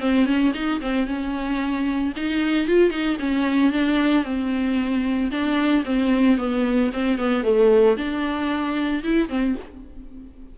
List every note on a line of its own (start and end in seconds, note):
0.00 0.25 C4
0.25 0.52 C#4
0.54 0.80 D#4
0.81 1.06 C4
1.06 2.13 C#4
2.16 2.67 D#4
2.67 2.90 F4
2.90 3.17 D#4
3.19 3.72 C#4
3.72 4.24 D4
4.24 5.30 C4
5.30 5.84 D4
5.85 6.37 C4
6.37 6.90 B3
6.93 7.17 C4
7.17 7.43 B3
7.43 7.96 A3
7.97 9.03 D4
9.03 9.29 E4
9.29 9.55 C4